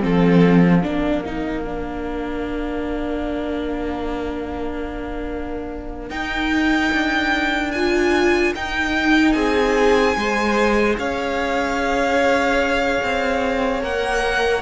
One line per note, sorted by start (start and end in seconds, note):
0.00 0.85 F3
0.00 0.81 C4
0.00 0.84 A4
0.00 6.10 F5
0.83 6.10 A#3
0.83 1.24 D4
0.83 9.35 A#4
1.26 1.65 D#4
1.65 6.11 D4
6.10 6.91 D#4
6.10 7.73 D#4
6.10 7.72 G5
6.93 8.55 D4
7.72 8.56 F4
7.72 8.53 G#5
8.55 10.18 D#4
8.55 9.35 D#4
8.55 9.33 G5
9.33 10.16 C4
9.33 10.17 G#4
9.33 10.95 G#5
10.17 10.98 G#3
10.17 13.82 G#4
10.17 10.99 C5
10.98 13.01 C#4
10.98 14.62 C#5
10.98 13.83 F5
13.03 13.83 C4
13.82 14.62 A#3
13.82 14.62 A#4
13.82 14.62 F#5